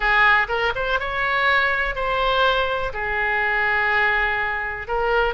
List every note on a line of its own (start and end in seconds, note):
0.00 0.47 G#4
0.48 0.72 A#4
0.75 0.99 C5
0.99 1.95 C#5
1.95 2.92 C5
2.93 4.87 G#4
4.87 5.34 A#4